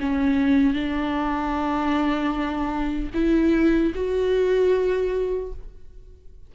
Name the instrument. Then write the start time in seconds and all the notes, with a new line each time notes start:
viola
0.00 C#4
0.74 D4
3.14 E4
3.95 F#4